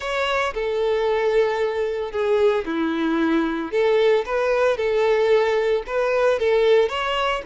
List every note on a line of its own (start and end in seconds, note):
0.00 0.53 C#5
0.54 2.11 A4
2.11 2.64 G#4
2.65 3.71 E4
3.71 4.24 A4
4.25 4.77 B4
4.77 5.83 A4
5.86 6.39 B4
6.39 6.89 A4
6.89 7.42 C#5